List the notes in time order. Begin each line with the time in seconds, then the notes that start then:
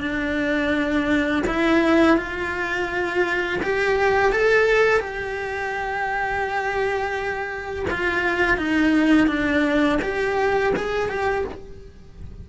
0.00 D4
1.47 E4
2.17 F4
3.63 G4
4.32 A4
5.00 G4
7.91 F4
8.57 D#4
9.27 D4
10.02 G4
10.76 G#4
11.09 G4